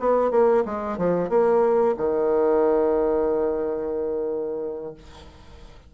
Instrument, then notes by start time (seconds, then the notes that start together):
bassoon
0.00 B3
0.31 A#3
0.66 G#3
0.98 F3
1.29 A#3
1.98 D#3